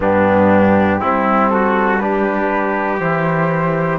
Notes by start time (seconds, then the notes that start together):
0.00 G2 B3 D4 G4
1.00 G3 C4 E4
1.49 F#4 A4
1.99 D4 G4 B4
2.99 E3 E4 C5